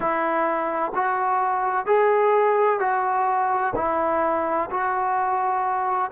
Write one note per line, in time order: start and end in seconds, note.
0.00 0.92 E4
0.95 1.85 F#4
1.85 2.79 G#4
2.79 3.73 F#4
3.75 4.69 E4
4.70 6.11 F#4